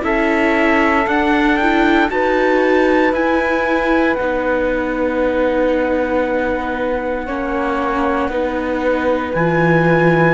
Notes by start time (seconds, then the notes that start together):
0.00 C#4 E4 A4 E5
1.06 D4 F#5
1.56 E4 G5
2.08 D#4 F#4 B4 A5
3.12 E4 G#5
4.15 B3 D#4 F#5
7.26 A#3 C#4 C#5
8.28 B3 D#4 B4
9.33 E3 F4 G#5